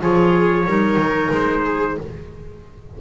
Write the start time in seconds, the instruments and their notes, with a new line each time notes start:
0.00 double bass F3, clarinet F4, viola G#4, trumpet C#5
0.66 double bass G3, clarinet D#4, viola A#4
0.96 double bass D#3
1.32 double bass G#3, trumpet C5
1.64 viola G#4